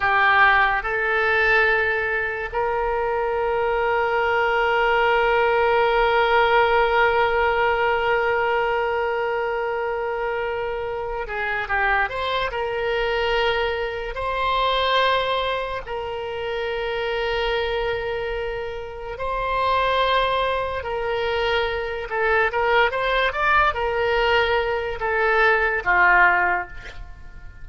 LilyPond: \new Staff \with { instrumentName = "oboe" } { \time 4/4 \tempo 4 = 72 g'4 a'2 ais'4~ | ais'1~ | ais'1~ | ais'4. gis'8 g'8 c''8 ais'4~ |
ais'4 c''2 ais'4~ | ais'2. c''4~ | c''4 ais'4. a'8 ais'8 c''8 | d''8 ais'4. a'4 f'4 | }